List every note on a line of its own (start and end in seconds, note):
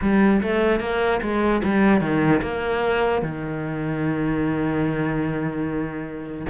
0.01 0.42 G3
0.42 0.80 A3
0.80 1.20 A#3
1.21 1.62 G#3
1.63 2.00 G3
2.00 2.41 D#3
2.42 3.22 A#3
3.22 6.46 D#3